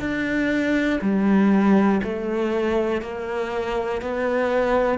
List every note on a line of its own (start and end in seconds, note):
0.00 1.00 D4
1.02 2.02 G3
2.03 3.02 A3
3.02 4.02 A#3
4.02 4.99 B3